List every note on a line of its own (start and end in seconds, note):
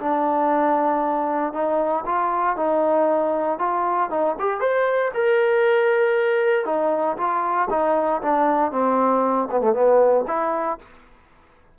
0.00 1.54 D4
1.54 2.05 D#4
2.06 2.57 F4
2.57 3.59 D#4
3.59 4.10 F4
4.10 4.36 D#4
4.40 4.61 G4
4.61 5.12 C5
5.15 6.66 A#4
6.66 7.17 D#4
7.18 7.69 F4
7.71 8.22 D#4
8.22 8.72 D4
8.72 9.49 C4
9.51 9.61 B3
9.61 9.74 A3
9.74 10.25 B3
10.28 10.79 E4